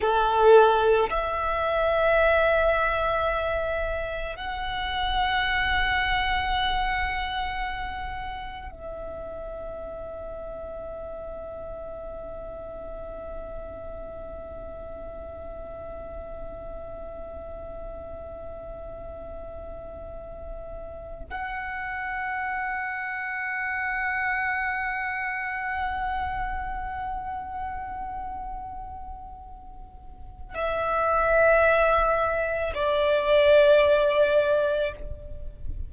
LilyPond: \new Staff \with { instrumentName = "violin" } { \time 4/4 \tempo 4 = 55 a'4 e''2. | fis''1 | e''1~ | e''1~ |
e''2.~ e''8 fis''8~ | fis''1~ | fis''1 | e''2 d''2 | }